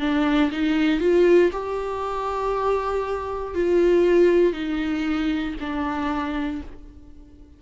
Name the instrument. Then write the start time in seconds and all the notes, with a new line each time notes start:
viola
0.00 D4
0.52 D#4
1.00 F4
1.52 G4
3.55 F4
4.53 D#4
5.60 D4